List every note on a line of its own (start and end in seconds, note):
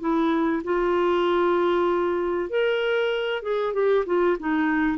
0.00 0.62 E4
0.64 2.49 F4
2.49 3.43 A#4
3.43 3.74 G#4
3.74 4.05 G4
4.06 4.37 F4
4.39 4.98 D#4